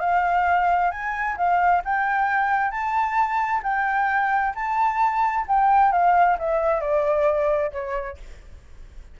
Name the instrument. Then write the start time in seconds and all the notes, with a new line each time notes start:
flute
0.00 F5
0.91 G#5
1.37 F5
1.85 G5
2.71 A5
3.63 G5
4.55 A5
5.48 G5
5.92 F5
6.39 E5
6.81 D5
7.72 C#5